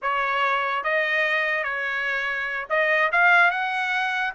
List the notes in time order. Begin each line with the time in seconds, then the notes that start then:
0.02 C#5
0.83 D#5
1.63 C#5
2.69 D#5
3.12 F5
3.50 F#5